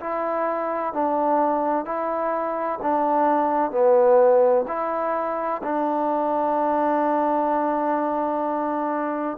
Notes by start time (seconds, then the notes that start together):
0.00 E4
0.93 D4
1.85 E4
2.82 D4
3.72 B3
4.68 E4
5.63 D4